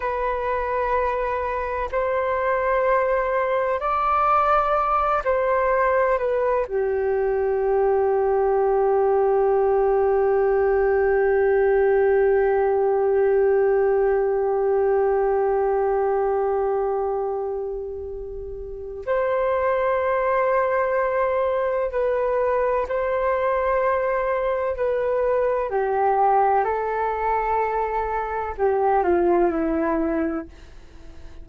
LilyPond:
\new Staff \with { instrumentName = "flute" } { \time 4/4 \tempo 4 = 63 b'2 c''2 | d''4. c''4 b'8 g'4~ | g'1~ | g'1~ |
g'1 | c''2. b'4 | c''2 b'4 g'4 | a'2 g'8 f'8 e'4 | }